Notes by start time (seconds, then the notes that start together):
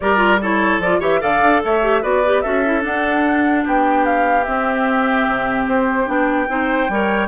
0.00 G3 G4 A#4 D5
0.16 F4
0.41 E4 A4 C#5
0.78 F3 F4 D5
0.99 E3 G4 C#5 E5
1.20 D3 A4 D5 F5
1.42 D4
1.64 A3 C#5 E5
1.82 G4
2.02 B3 F#4 B4 D5
2.25 G4
2.41 C#4 F#4 A4 E5
2.65 E4
2.80 D4 F#5
3.64 B3 G4 G5
4.05 F5
4.43 C4 E5
5.27 C3
5.67 C4 C5
6.05 B3 D4 G5
6.48 C4 D#4 C5
6.88 G3 A#4 C#5